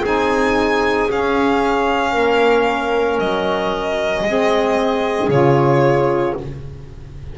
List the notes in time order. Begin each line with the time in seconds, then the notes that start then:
0.00 C4 D#4 G#4 G#5
1.09 C#4 F5
2.11 A#3 A#4
3.19 F#3 D#5
4.23 G#3 C4 G#4
5.28 C#3 F4 C#5